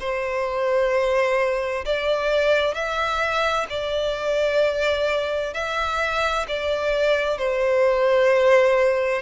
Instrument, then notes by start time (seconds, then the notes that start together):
violin
0.00 C5
1.85 D5
2.74 E5
3.70 D5
5.53 E5
6.48 D5
7.38 C5